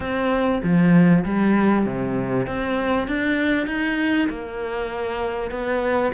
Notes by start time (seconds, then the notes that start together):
0.00 C4
0.63 F3
1.24 G3
1.85 C3
2.47 C4
3.07 D4
3.67 D#4
4.29 A#3
5.50 B3